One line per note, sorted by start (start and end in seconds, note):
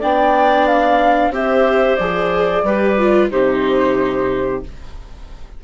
0.00 1.30 B3
0.00 1.33 D4
0.00 1.32 D5
0.00 0.67 G5
0.67 1.33 F5
1.30 1.96 C4
1.30 1.99 G4
1.30 2.64 C5
1.30 1.96 E5
1.96 2.64 F3
1.96 2.66 G#4
1.96 3.28 D5
2.64 3.30 G3
2.64 2.99 G4
2.64 3.31 B4
2.99 3.31 F4
3.31 4.64 C3
3.31 4.63 D#4
3.31 4.63 G4
3.31 4.63 C5